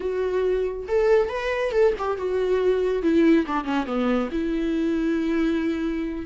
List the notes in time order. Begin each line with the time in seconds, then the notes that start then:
0.00 F#4
0.88 A4
1.29 B4
1.71 A4
1.98 G4
2.17 F#4
3.02 E4
3.46 D4
3.64 C#4
3.86 B3
4.31 E4